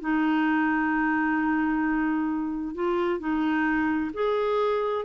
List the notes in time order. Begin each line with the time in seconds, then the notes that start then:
0.00 D#4
2.74 F4
3.20 D#4
4.13 G#4